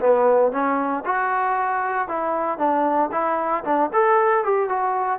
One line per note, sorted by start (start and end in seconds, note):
0.00 0.51 B3
0.51 1.04 C#4
1.05 2.08 F#4
2.08 2.58 E4
2.58 3.10 D4
3.11 3.64 E4
3.64 3.90 D4
3.93 4.44 A4
4.44 4.69 G4
4.69 5.19 F#4